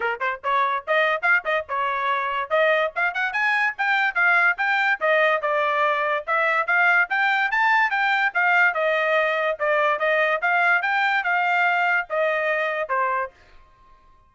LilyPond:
\new Staff \with { instrumentName = "trumpet" } { \time 4/4 \tempo 4 = 144 ais'8 c''8 cis''4 dis''4 f''8 dis''8 | cis''2 dis''4 f''8 fis''8 | gis''4 g''4 f''4 g''4 | dis''4 d''2 e''4 |
f''4 g''4 a''4 g''4 | f''4 dis''2 d''4 | dis''4 f''4 g''4 f''4~ | f''4 dis''2 c''4 | }